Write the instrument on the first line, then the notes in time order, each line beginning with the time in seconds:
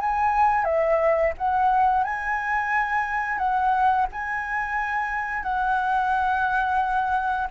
flute
0.00 G#5
0.65 E5
1.38 F#5
2.04 G#5
3.38 F#5
4.12 G#5
5.43 F#5